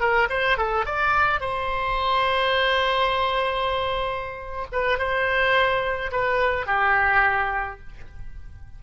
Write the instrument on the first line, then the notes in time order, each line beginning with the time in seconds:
oboe
0.00 A#4
0.30 C5
0.58 A4
0.86 D5
1.41 C5
4.72 B4
4.98 C5
6.12 B4
6.66 G4